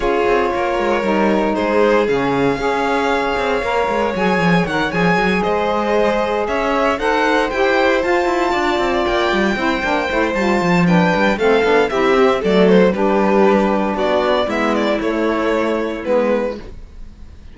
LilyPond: <<
  \new Staff \with { instrumentName = "violin" } { \time 4/4 \tempo 4 = 116 cis''2. c''4 | f''1 | gis''4 fis''8 gis''4 dis''4.~ | dis''8 e''4 fis''4 g''4 a''8~ |
a''4. g''2~ g''8 | a''4 g''4 f''4 e''4 | d''8 c''8 b'2 d''4 | e''8 d''8 cis''2 b'4 | }
  \new Staff \with { instrumentName = "violin" } { \time 4/4 gis'4 ais'2 gis'4~ | gis'4 cis''2.~ | cis''2~ cis''8 c''4.~ | c''8 cis''4 c''2~ c''8~ |
c''8 d''2 c''4.~ | c''4 b'4 a'4 g'4 | a'4 g'2 fis'4 | e'1 | }
  \new Staff \with { instrumentName = "saxophone" } { \time 4/4 f'2 dis'2 | cis'4 gis'2 ais'4 | gis'4 ais'8 gis'2~ gis'8~ | gis'4. a'4 g'4 f'8~ |
f'2~ f'8 e'8 d'8 e'8 | f'4 d'4 c'8 d'8 e'8 c'8 | a4 d'2. | b4 a2 b4 | }
  \new Staff \with { instrumentName = "cello" } { \time 4/4 cis'8 c'8 ais8 gis8 g4 gis4 | cis4 cis'4. c'8 ais8 gis8 | fis8 f8 dis8 f8 fis8 gis4.~ | gis8 cis'4 dis'4 e'4 f'8 |
e'8 d'8 c'8 ais8 g8 c'8 ais8 a8 | g8 f4 g8 a8 b8 c'4 | fis4 g2 b4 | gis4 a2 gis4 | }
>>